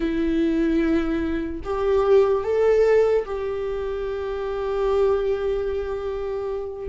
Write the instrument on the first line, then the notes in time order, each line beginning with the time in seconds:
viola
0.00 E4
1.64 G4
2.43 A4
3.25 G4